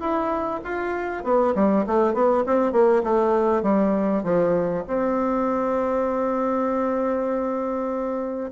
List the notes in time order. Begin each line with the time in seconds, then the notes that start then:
0.00 E4
0.64 F4
1.24 B3
1.55 G3
1.87 A3
2.13 B3
2.46 C4
2.72 A#3
3.03 A3
3.63 G3
4.23 F3
4.87 C4